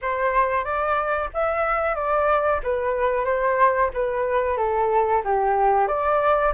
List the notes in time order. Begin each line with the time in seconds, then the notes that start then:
0.01 C5
0.64 D5
1.33 E5
1.95 D5
2.63 B4
3.25 C5
3.93 B4
4.57 A4
5.24 G4
5.87 D5